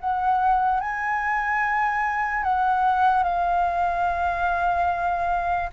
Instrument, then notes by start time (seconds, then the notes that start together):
flute
0.00 F#5
0.80 G#5
2.44 F#5
3.23 F5